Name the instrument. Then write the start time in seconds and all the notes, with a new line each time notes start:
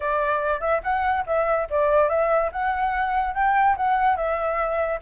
flute
0.00 D5
0.60 E5
0.83 F#5
1.26 E5
1.70 D5
2.09 E5
2.52 F#5
3.34 G5
3.77 F#5
4.16 E5